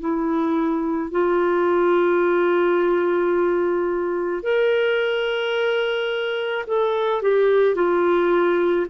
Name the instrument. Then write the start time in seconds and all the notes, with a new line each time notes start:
clarinet
0.00 E4
1.11 F4
4.43 A#4
6.67 A4
7.22 G4
7.75 F4